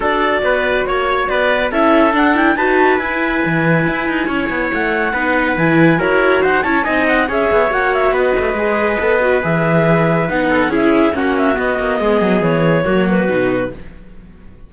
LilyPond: <<
  \new Staff \with { instrumentName = "clarinet" } { \time 4/4 \tempo 4 = 140 d''2 cis''4 d''4 | e''4 fis''8 g''8 a''4 gis''4~ | gis''2. fis''4~ | fis''4 gis''4 cis''4 fis''8 a''8 |
gis''8 fis''8 e''4 fis''8 e''8 dis''4~ | dis''2 e''2 | fis''4 e''4 fis''8 e''8 dis''4~ | dis''4 cis''4. b'4. | }
  \new Staff \with { instrumentName = "trumpet" } { \time 4/4 a'4 b'4 cis''4 b'4 | a'2 b'2~ | b'2 cis''2 | b'2 ais'4 c''8 cis''8 |
dis''4 cis''2 b'4~ | b'1~ | b'8 a'8 gis'4 fis'2 | gis'2 fis'2 | }
  \new Staff \with { instrumentName = "viola" } { \time 4/4 fis'1 | e'4 d'8 e'8 fis'4 e'4~ | e'1 | dis'4 e'4 fis'4. e'8 |
dis'4 gis'4 fis'2 | gis'4 a'8 fis'8 gis'2 | dis'4 e'4 cis'4 b4~ | b2 ais4 dis'4 | }
  \new Staff \with { instrumentName = "cello" } { \time 4/4 d'4 b4 ais4 b4 | cis'4 d'4 dis'4 e'4 | e4 e'8 dis'8 cis'8 b8 a4 | b4 e4 e'4 dis'8 cis'8 |
c'4 cis'8 b8 ais4 b8 a8 | gis4 b4 e2 | b4 cis'4 ais4 b8 ais8 | gis8 fis8 e4 fis4 b,4 | }
>>